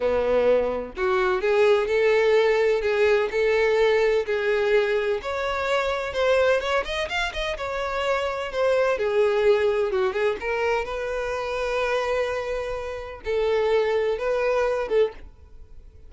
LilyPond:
\new Staff \with { instrumentName = "violin" } { \time 4/4 \tempo 4 = 127 b2 fis'4 gis'4 | a'2 gis'4 a'4~ | a'4 gis'2 cis''4~ | cis''4 c''4 cis''8 dis''8 f''8 dis''8 |
cis''2 c''4 gis'4~ | gis'4 fis'8 gis'8 ais'4 b'4~ | b'1 | a'2 b'4. a'8 | }